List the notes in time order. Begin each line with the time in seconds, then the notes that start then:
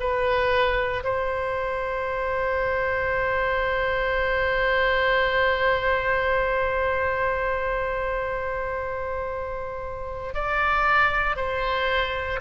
0.00 B4
1.03 C5
10.34 D5
11.36 C5